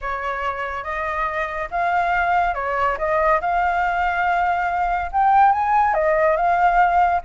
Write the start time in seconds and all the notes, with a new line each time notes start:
0.01 C#5
0.83 D#5
1.70 F5
2.54 C#5
2.97 D#5
3.40 F5
5.11 G5
5.52 G#5
5.94 D#5
6.36 F5